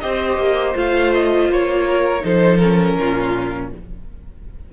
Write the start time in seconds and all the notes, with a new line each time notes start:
0.00 C4 G4 C5 D#5
0.38 A#3
0.75 A3 F4 F5
1.14 D#5
1.49 A#3 C#5
1.87 A#4
2.21 F3 D#4 A4 C5
2.58 C#4 A#4
2.98 A#2 F4